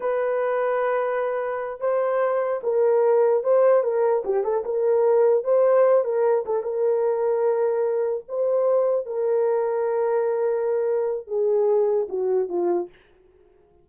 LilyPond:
\new Staff \with { instrumentName = "horn" } { \time 4/4 \tempo 4 = 149 b'1~ | b'8 c''2 ais'4.~ | ais'8 c''4 ais'4 g'8 a'8 ais'8~ | ais'4. c''4. ais'4 |
a'8 ais'2.~ ais'8~ | ais'8 c''2 ais'4.~ | ais'1 | gis'2 fis'4 f'4 | }